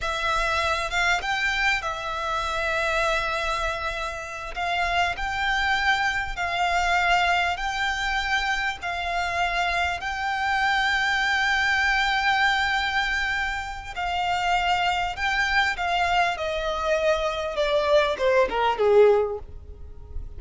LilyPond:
\new Staff \with { instrumentName = "violin" } { \time 4/4 \tempo 4 = 99 e''4. f''8 g''4 e''4~ | e''2.~ e''8 f''8~ | f''8 g''2 f''4.~ | f''8 g''2 f''4.~ |
f''8 g''2.~ g''8~ | g''2. f''4~ | f''4 g''4 f''4 dis''4~ | dis''4 d''4 c''8 ais'8 gis'4 | }